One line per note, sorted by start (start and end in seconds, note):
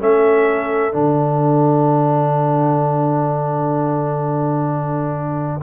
0.00 0.95 A3
0.00 0.93 C#4
0.00 5.63 A4
0.00 0.96 E5
0.93 5.63 D3
0.93 5.61 D4
0.93 5.63 F#5